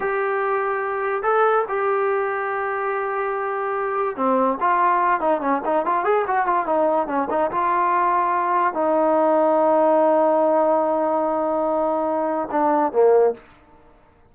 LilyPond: \new Staff \with { instrumentName = "trombone" } { \time 4/4 \tempo 4 = 144 g'2. a'4 | g'1~ | g'2 c'4 f'4~ | f'8 dis'8 cis'8 dis'8 f'8 gis'8 fis'8 f'8 |
dis'4 cis'8 dis'8 f'2~ | f'4 dis'2.~ | dis'1~ | dis'2 d'4 ais4 | }